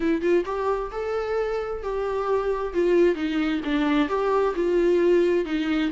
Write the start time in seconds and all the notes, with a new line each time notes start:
0.00 E4
0.21 F4
0.45 G4
0.91 A4
1.82 G4
2.73 F4
3.15 D#4
3.64 D4
4.08 G4
4.55 F4
5.45 D#4